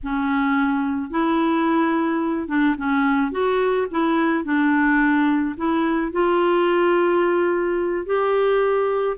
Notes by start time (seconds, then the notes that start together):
0.03 C#4
1.10 E4
2.47 D4
2.77 C#4
3.31 F#4
3.90 E4
4.44 D4
5.57 E4
6.12 F4
8.06 G4